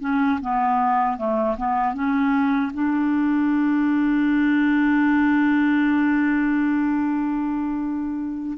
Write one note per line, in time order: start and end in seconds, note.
0.00 0.39 C#4
0.41 1.17 B3
1.17 1.56 A3
1.57 1.94 B3
1.94 2.72 C#4
2.73 8.57 D4